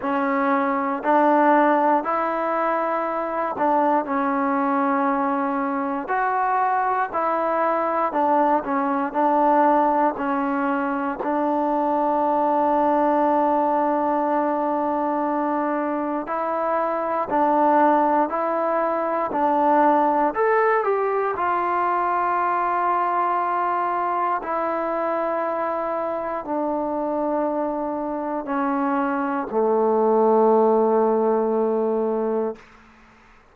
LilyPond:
\new Staff \with { instrumentName = "trombone" } { \time 4/4 \tempo 4 = 59 cis'4 d'4 e'4. d'8 | cis'2 fis'4 e'4 | d'8 cis'8 d'4 cis'4 d'4~ | d'1 |
e'4 d'4 e'4 d'4 | a'8 g'8 f'2. | e'2 d'2 | cis'4 a2. | }